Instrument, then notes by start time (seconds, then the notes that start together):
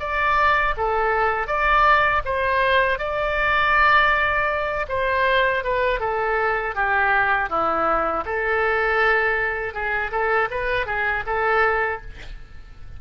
oboe
0.00 D5
0.77 A4
1.47 D5
2.25 C5
2.99 D5
4.89 C5
5.64 B4
6.00 A4
6.75 G4
7.50 E4
8.26 A4
9.74 G#4
10.11 A4
10.51 B4
10.86 G#4
11.26 A4